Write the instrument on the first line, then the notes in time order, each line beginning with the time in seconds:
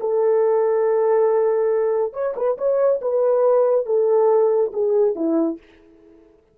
horn
0.00 A4
2.13 C#5
2.36 B4
2.58 C#5
3.01 B4
3.86 A4
4.73 G#4
5.15 E4